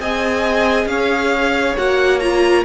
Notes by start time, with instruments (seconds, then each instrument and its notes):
0.00 cello C4, viola G#4, violin D#5 G#5
0.85 cello C#4, violin C#5 F5
1.77 cello A#3, viola F#4, violin F#5
2.20 viola F4, violin A#5